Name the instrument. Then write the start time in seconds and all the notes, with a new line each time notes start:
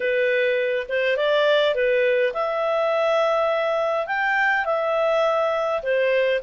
clarinet
0.00 B4
0.88 C5
1.17 D5
1.74 B4
2.33 E5
4.06 G5
4.65 E5
5.82 C5